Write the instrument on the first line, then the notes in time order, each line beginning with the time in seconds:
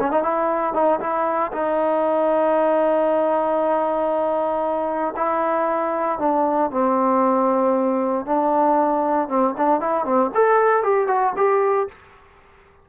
trombone
0.00 C#4
0.12 D#4
0.23 E4
0.74 D#4
1.00 E4
1.53 D#4
5.17 E4
6.19 D4
6.71 C4
8.26 D4
9.29 C4
9.58 D4
9.81 E4
10.05 C4
10.35 A4
10.84 G4
11.08 F#4
11.37 G4